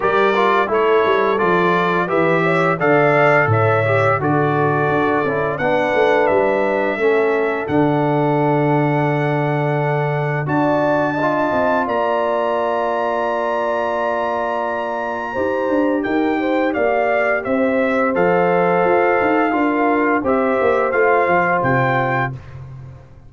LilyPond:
<<
  \new Staff \with { instrumentName = "trumpet" } { \time 4/4 \tempo 4 = 86 d''4 cis''4 d''4 e''4 | f''4 e''4 d''2 | fis''4 e''2 fis''4~ | fis''2. a''4~ |
a''4 ais''2.~ | ais''2. g''4 | f''4 e''4 f''2~ | f''4 e''4 f''4 g''4 | }
  \new Staff \with { instrumentName = "horn" } { \time 4/4 ais'4 a'2 b'8 cis''8 | d''4 cis''4 a'2 | b'2 a'2~ | a'2. d''4 |
dis''4 d''2.~ | d''2 c''4 ais'8 c''8 | d''4 c''2. | ais'4 c''2. | }
  \new Staff \with { instrumentName = "trombone" } { \time 4/4 g'8 f'8 e'4 f'4 g'4 | a'4. g'8 fis'4. e'8 | d'2 cis'4 d'4~ | d'2. fis'4 |
f'1~ | f'2 g'2~ | g'2 a'2 | f'4 g'4 f'2 | }
  \new Staff \with { instrumentName = "tuba" } { \time 4/4 g4 a8 g8 f4 e4 | d4 a,4 d4 d'8 cis'8 | b8 a8 g4 a4 d4~ | d2. d'4~ |
d'8 c'8 ais2.~ | ais2 dis'8 d'8 dis'4 | ais4 c'4 f4 f'8 dis'8 | d'4 c'8 ais8 a8 f8 c4 | }
>>